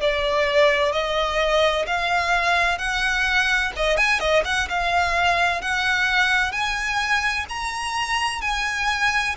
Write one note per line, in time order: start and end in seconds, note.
0.00 0.92 D5
0.92 1.85 D#5
1.86 2.78 F5
2.78 3.72 F#5
3.76 3.97 D#5
3.97 4.19 G#5
4.19 4.43 D#5
4.44 4.67 F#5
4.69 5.61 F5
5.61 6.51 F#5
6.51 7.45 G#5
7.49 8.41 A#5
8.41 9.35 G#5